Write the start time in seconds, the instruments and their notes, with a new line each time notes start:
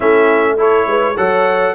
0.00 tuba A3, trombone C#4, horn E4, trumpet E5
0.57 trombone E4, horn A4, trumpet C#5
0.86 tuba G#3, horn B4
1.15 tuba F#3, trombone A4, horn C#5, trumpet F#5